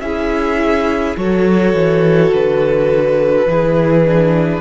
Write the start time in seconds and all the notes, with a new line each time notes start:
0.00 C#4 E4 G#4 E5
1.17 F#3 F#4 A4 C#5
1.73 E3
2.33 D3 B4
3.46 E3 E4 G#4
4.05 D4